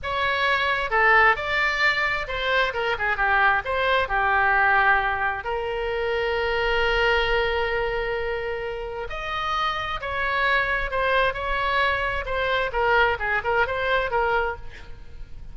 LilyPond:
\new Staff \with { instrumentName = "oboe" } { \time 4/4 \tempo 4 = 132 cis''2 a'4 d''4~ | d''4 c''4 ais'8 gis'8 g'4 | c''4 g'2. | ais'1~ |
ais'1 | dis''2 cis''2 | c''4 cis''2 c''4 | ais'4 gis'8 ais'8 c''4 ais'4 | }